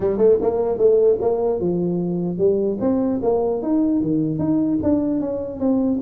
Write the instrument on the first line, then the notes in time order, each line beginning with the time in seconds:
tuba
0.00 G3
0.17 A3
0.41 A#3
0.78 A3
1.21 A#3
1.60 F3
2.38 G3
2.80 C4
3.22 A#3
3.62 D#4
4.01 D#3
4.38 D#4
4.83 D4
5.20 C#4
5.59 C4